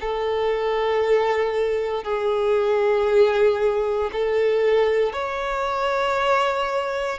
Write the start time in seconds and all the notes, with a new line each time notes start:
0.00 A4
2.03 G#4
4.12 A4
5.13 C#5